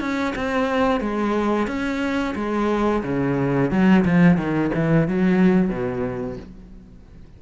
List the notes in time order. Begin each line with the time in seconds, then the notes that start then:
0.00 C#4
0.36 C4
1.00 G#3
1.67 C#4
2.35 G#3
3.03 C#3
3.70 F#3
4.05 F3
4.37 D#3
4.74 E3
5.08 F#3
5.69 B2